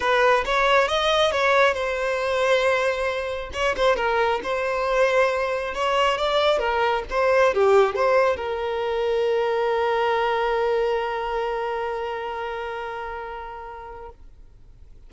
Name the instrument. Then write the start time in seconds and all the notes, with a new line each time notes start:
violin
0.00 B4
0.45 C#5
0.88 D#5
1.31 C#5
1.73 C5
3.53 C#5
3.76 C5
3.96 A#4
4.43 C5
5.74 C#5
6.17 D5
6.59 A#4
7.10 C5
7.54 G4
7.95 C5
8.36 A#4